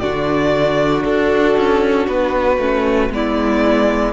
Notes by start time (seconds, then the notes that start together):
0.00 D3 D4 F#4 D5
1.04 D4 A4
1.57 C#4
2.07 B3 B4
2.58 A3 C#4
3.10 G#3 B3 E4 D5